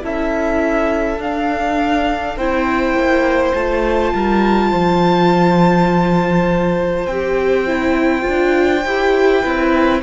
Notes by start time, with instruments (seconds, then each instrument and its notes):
0.00 cello C#4, viola E4, violin A4 E5
1.18 cello D4, viola D4, violin F5
2.37 cello C4, viola E4, violin C5 G5
2.93 cello A#3
3.54 cello A3, viola F4, violin A5
4.13 cello G3, violin A#4
4.71 cello F3, violin C5
7.07 cello C4, viola G4, violin G5
7.67 viola E4
8.22 cello D4, viola F4
8.85 cello E4, viola G4
9.41 cello C4, viola E4, violin B4